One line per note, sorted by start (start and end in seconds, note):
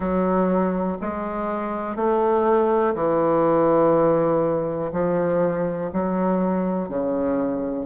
0.00 0.97 F#3
1.01 1.95 G#3
1.95 2.94 A3
2.95 4.91 E3
4.92 5.90 F3
5.92 6.89 F#3
6.89 7.86 C#3